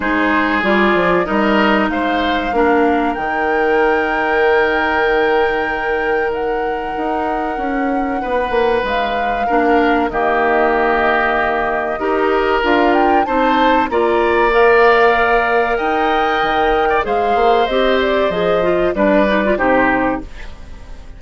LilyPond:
<<
  \new Staff \with { instrumentName = "flute" } { \time 4/4 \tempo 4 = 95 c''4 d''4 dis''4 f''4~ | f''4 g''2.~ | g''2 fis''2~ | fis''2 f''2 |
dis''1 | f''8 g''8 a''4 ais''4 f''4~ | f''4 g''2 f''4 | dis''8 d''8 dis''4 d''4 c''4 | }
  \new Staff \with { instrumentName = "oboe" } { \time 4/4 gis'2 ais'4 c''4 | ais'1~ | ais'1~ | ais'4 b'2 ais'4 |
g'2. ais'4~ | ais'4 c''4 d''2~ | d''4 dis''4.~ dis''16 d''16 c''4~ | c''2 b'4 g'4 | }
  \new Staff \with { instrumentName = "clarinet" } { \time 4/4 dis'4 f'4 dis'2 | d'4 dis'2.~ | dis'1~ | dis'2. d'4 |
ais2. g'4 | f'4 dis'4 f'4 ais'4~ | ais'2. gis'4 | g'4 gis'8 f'8 d'8 dis'16 f'16 dis'4 | }
  \new Staff \with { instrumentName = "bassoon" } { \time 4/4 gis4 g8 f8 g4 gis4 | ais4 dis2.~ | dis2. dis'4 | cis'4 b8 ais8 gis4 ais4 |
dis2. dis'4 | d'4 c'4 ais2~ | ais4 dis'4 dis4 gis8 ais8 | c'4 f4 g4 c4 | }
>>